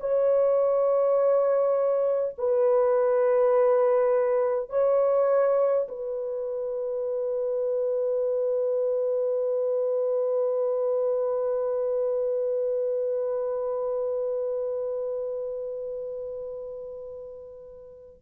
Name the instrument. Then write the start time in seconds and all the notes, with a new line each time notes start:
horn
0.00 C#5
2.38 B4
4.70 C#5
5.89 B4